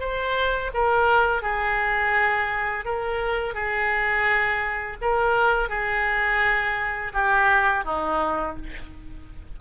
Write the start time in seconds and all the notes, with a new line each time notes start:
0.00 C5
0.74 A#4
1.43 G#4
2.85 A#4
3.55 G#4
5.02 A#4
5.69 G#4
7.14 G4
7.85 D#4